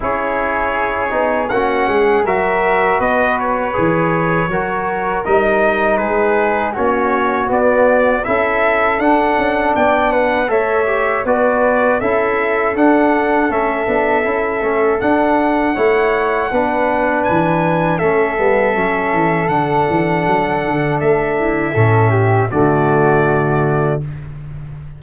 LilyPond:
<<
  \new Staff \with { instrumentName = "trumpet" } { \time 4/4 \tempo 4 = 80 cis''2 fis''4 e''4 | dis''8 cis''2~ cis''8 dis''4 | b'4 cis''4 d''4 e''4 | fis''4 g''8 fis''8 e''4 d''4 |
e''4 fis''4 e''2 | fis''2. gis''4 | e''2 fis''2 | e''2 d''2 | }
  \new Staff \with { instrumentName = "flute" } { \time 4/4 gis'2 fis'8 gis'8 ais'4 | b'2 ais'2 | gis'4 fis'2 a'4~ | a'4 d''8 b'8 cis''4 b'4 |
a'1~ | a'4 cis''4 b'2 | a'1~ | a'8 e'8 a'8 g'8 fis'2 | }
  \new Staff \with { instrumentName = "trombone" } { \time 4/4 e'4. dis'8 cis'4 fis'4~ | fis'4 gis'4 fis'4 dis'4~ | dis'4 cis'4 b4 e'4 | d'2 a'8 g'8 fis'4 |
e'4 d'4 cis'8 d'8 e'8 cis'8 | d'4 e'4 d'2 | cis'8 b8 cis'4 d'2~ | d'4 cis'4 a2 | }
  \new Staff \with { instrumentName = "tuba" } { \time 4/4 cis'4. b8 ais8 gis8 fis4 | b4 e4 fis4 g4 | gis4 ais4 b4 cis'4 | d'8 cis'8 b4 a4 b4 |
cis'4 d'4 a8 b8 cis'8 a8 | d'4 a4 b4 e4 | a8 g8 fis8 e8 d8 e8 fis8 d8 | a4 a,4 d2 | }
>>